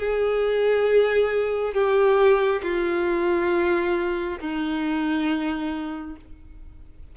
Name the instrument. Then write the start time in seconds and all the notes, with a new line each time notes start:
violin
0.00 G#4
1.74 G4
2.64 F4
4.40 D#4